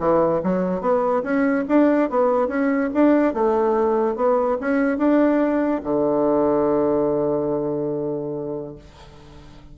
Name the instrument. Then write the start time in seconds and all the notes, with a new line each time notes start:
bassoon
0.00 E3
0.43 F#3
0.81 B3
1.23 C#4
1.68 D4
2.10 B3
2.48 C#4
2.94 D4
3.34 A3
4.16 B3
4.61 C#4
4.98 D4
5.84 D3